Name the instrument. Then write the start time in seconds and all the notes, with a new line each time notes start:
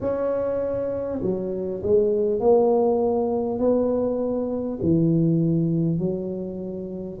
tuba
0.00 C#4
1.22 F#3
1.83 G#3
2.40 A#3
3.58 B3
4.82 E3
5.98 F#3